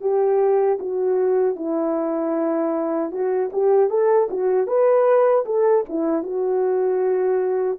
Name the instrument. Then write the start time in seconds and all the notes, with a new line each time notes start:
horn
0.00 G4
0.79 F#4
1.55 E4
3.11 F#4
3.52 G4
3.89 A4
4.30 F#4
4.66 B4
5.45 A4
5.89 E4
6.22 F#4